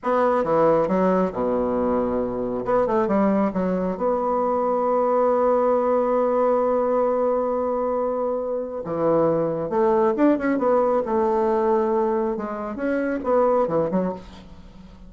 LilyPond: \new Staff \with { instrumentName = "bassoon" } { \time 4/4 \tempo 4 = 136 b4 e4 fis4 b,4~ | b,2 b8 a8 g4 | fis4 b2.~ | b1~ |
b1 | e2 a4 d'8 cis'8 | b4 a2. | gis4 cis'4 b4 e8 fis8 | }